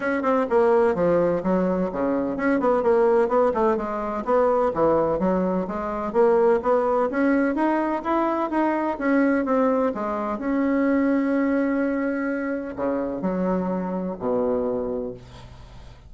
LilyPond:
\new Staff \with { instrumentName = "bassoon" } { \time 4/4 \tempo 4 = 127 cis'8 c'8 ais4 f4 fis4 | cis4 cis'8 b8 ais4 b8 a8 | gis4 b4 e4 fis4 | gis4 ais4 b4 cis'4 |
dis'4 e'4 dis'4 cis'4 | c'4 gis4 cis'2~ | cis'2. cis4 | fis2 b,2 | }